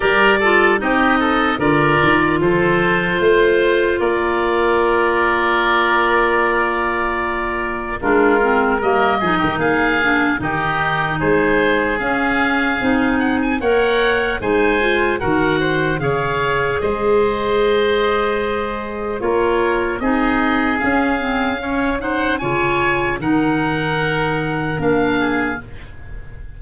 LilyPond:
<<
  \new Staff \with { instrumentName = "oboe" } { \time 4/4 \tempo 4 = 75 d''4 dis''4 d''4 c''4~ | c''4 d''2.~ | d''2 ais'4 dis''4 | f''4 dis''4 c''4 f''4~ |
f''8 fis''16 gis''16 fis''4 gis''4 fis''4 | f''4 dis''2. | cis''4 dis''4 f''4. fis''8 | gis''4 fis''2 f''4 | }
  \new Staff \with { instrumentName = "oboe" } { \time 4/4 ais'8 a'8 g'8 a'8 ais'4 a'4 | c''4 ais'2.~ | ais'2 f'4 ais'8 gis'16 g'16 | gis'4 g'4 gis'2~ |
gis'4 cis''4 c''4 ais'8 c''8 | cis''4 c''2. | ais'4 gis'2 cis''8 c''8 | cis''4 ais'2~ ais'8 gis'8 | }
  \new Staff \with { instrumentName = "clarinet" } { \time 4/4 g'8 f'8 dis'4 f'2~ | f'1~ | f'2 d'8 c'8 ais8 dis'8~ | dis'8 d'8 dis'2 cis'4 |
dis'4 ais'4 dis'8 f'8 fis'4 | gis'1 | f'4 dis'4 cis'8 c'8 cis'8 dis'8 | f'4 dis'2 d'4 | }
  \new Staff \with { instrumentName = "tuba" } { \time 4/4 g4 c'4 d8 dis8 f4 | a4 ais2.~ | ais2 gis4 g8 f16 dis16 | ais4 dis4 gis4 cis'4 |
c'4 ais4 gis4 dis4 | cis4 gis2. | ais4 c'4 cis'2 | cis4 dis2 ais4 | }
>>